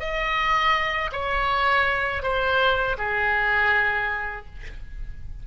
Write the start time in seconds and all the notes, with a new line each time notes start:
0.00 D#5
1.12 C#5
2.23 C5
2.98 G#4